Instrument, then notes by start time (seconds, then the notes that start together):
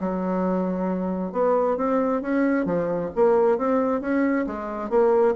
bassoon
0.00 F#3
1.32 B3
1.77 C4
2.22 C#4
2.66 F3
3.16 A#3
3.58 C4
4.01 C#4
4.47 G#3
4.90 A#3